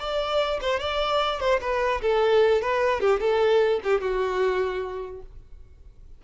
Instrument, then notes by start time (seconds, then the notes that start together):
violin
0.00 D5
0.62 C5
0.80 D5
1.40 C5
1.61 B4
2.02 A4
2.62 B4
3.01 G4
3.20 A4
3.84 G4
4.01 F#4